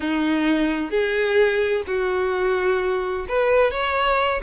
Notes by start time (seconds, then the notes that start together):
0.00 D#4
0.90 G#4
1.86 F#4
3.28 B4
3.71 C#5